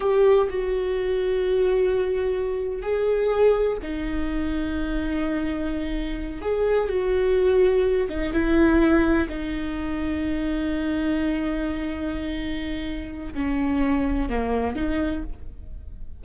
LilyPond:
\new Staff \with { instrumentName = "viola" } { \time 4/4 \tempo 4 = 126 g'4 fis'2.~ | fis'2 gis'2 | dis'1~ | dis'4. gis'4 fis'4.~ |
fis'4 dis'8 e'2 dis'8~ | dis'1~ | dis'1 | cis'2 ais4 dis'4 | }